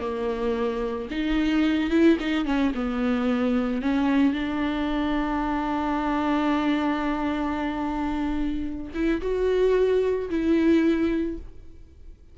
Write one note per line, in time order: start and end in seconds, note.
0.00 1.08 A#3
1.10 1.90 D#4
1.90 2.17 E4
2.20 2.45 D#4
2.45 2.72 C#4
2.74 3.82 B3
3.82 4.33 C#4
4.33 8.92 D4
8.94 9.21 E4
9.21 10.29 F#4
10.30 11.38 E4